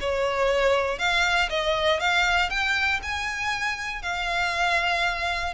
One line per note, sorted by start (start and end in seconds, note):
0.00 0.99 C#5
0.99 1.49 F5
1.49 2.00 D#5
2.00 2.50 F5
2.50 3.00 G5
3.02 4.02 G#5
4.02 5.53 F5